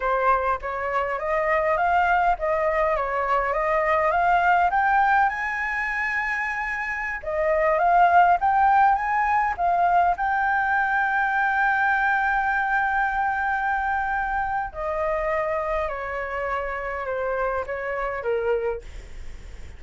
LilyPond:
\new Staff \with { instrumentName = "flute" } { \time 4/4 \tempo 4 = 102 c''4 cis''4 dis''4 f''4 | dis''4 cis''4 dis''4 f''4 | g''4 gis''2.~ | gis''16 dis''4 f''4 g''4 gis''8.~ |
gis''16 f''4 g''2~ g''8.~ | g''1~ | g''4 dis''2 cis''4~ | cis''4 c''4 cis''4 ais'4 | }